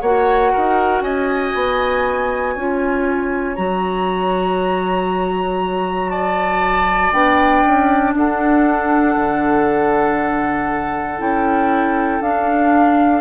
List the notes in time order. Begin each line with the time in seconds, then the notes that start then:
0.00 A#3 F#4 C#5 F#5
0.52 D#4 A#4
1.01 C#4 D#5 G#5
1.54 B3
2.54 C#4 F4 C#5
3.56 F#3 F#4 A#5
6.10 D5 A5
7.12 B3 D4 G5
7.67 C#4
8.14 D4 A4 F#5
9.16 D3
11.19 C#4 E4 G5
12.20 D4 F5